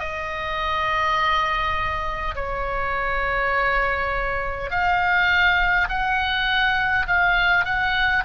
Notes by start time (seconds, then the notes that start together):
0.00 D#5
2.36 C#5
4.71 F5
5.89 F#5
7.07 F5
7.65 F#5